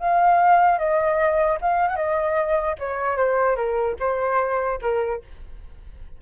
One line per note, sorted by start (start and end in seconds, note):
0.00 0.79 F5
0.79 1.59 D#5
1.62 1.89 F5
1.89 1.97 F#5
1.97 2.77 D#5
2.79 3.17 C#5
3.17 3.57 C5
3.57 3.97 A#4
4.00 4.80 C5
4.82 5.22 A#4